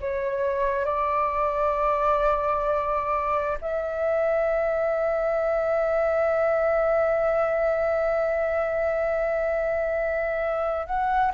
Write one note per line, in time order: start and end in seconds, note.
0.00 0.85 C#5
0.85 3.58 D5
3.61 10.86 E5
10.86 11.31 F#5